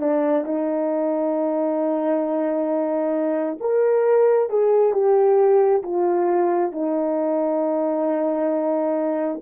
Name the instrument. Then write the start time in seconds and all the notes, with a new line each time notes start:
horn
0.00 D4
0.45 D#4
3.61 A#4
4.50 G#4
4.93 G4
5.83 F4
6.72 D#4